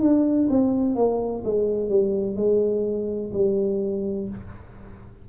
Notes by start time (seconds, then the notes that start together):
0.00 D4
0.49 C4
0.95 A#3
1.44 G#3
1.89 G3
2.35 G#3
3.33 G3